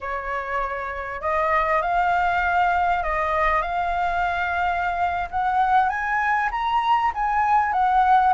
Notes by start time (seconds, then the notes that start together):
0.01 C#5
1.21 D#5
1.82 F5
3.03 D#5
3.62 F5
5.30 F#5
5.89 G#5
6.51 A#5
7.14 G#5
7.72 F#5